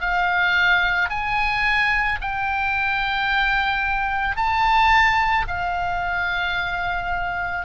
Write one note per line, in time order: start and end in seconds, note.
0.00 1.09 F5
1.10 2.19 G#5
2.21 4.36 G5
4.36 5.45 A5
5.47 7.65 F5